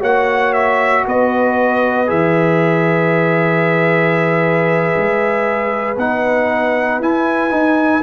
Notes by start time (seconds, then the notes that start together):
0.00 A#3 F#4 C#5 F#5
0.53 E5
1.07 B3 B4 D#5
2.07 E3 G#4 E5
4.97 G#3
5.97 B3 D#4 F#5
7.00 E4 G#5
7.51 D#4